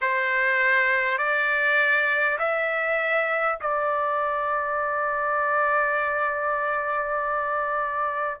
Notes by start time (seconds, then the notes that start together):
0.01 C5
1.18 D5
2.38 E5
3.61 D5